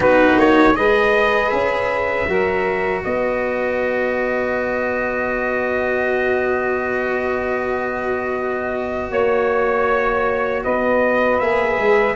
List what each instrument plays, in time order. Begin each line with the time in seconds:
0.00 tuba B3, cello D#4, saxophone F#4, trumpet B4
0.37 tuba A#3, trumpet C#5
0.73 tuba G#3, cello G#4, saxophone B4, trumpet D#5
1.49 tuba C#4, trumpet E5
2.27 tuba F#3, cello F#4, saxophone A#4
3.04 tuba B3, saxophone B4, trumpet D#5
9.10 tuba A#3, saxophone C#5, trumpet C#5
10.63 tuba B3, saxophone B4, trumpet D#5
11.39 tuba A#3, cello G#4, trumpet E5
11.77 tuba G#3